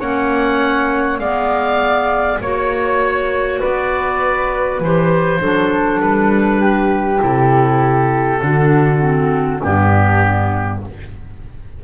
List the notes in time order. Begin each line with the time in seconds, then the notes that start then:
0.00 A#3 C#4 C#5 F#5
1.19 G#3 B3 D5 F5
2.41 A#3 F#4 C#5
3.60 B3 B4 D5
4.80 E3 G4 C5
5.41 F#3 D4 A4
6.00 G3 B4
6.61 G4
7.18 C3 E4 A4
8.42 D3 D4 F#4
9.00 C4
9.62 G2 B3 D4 G4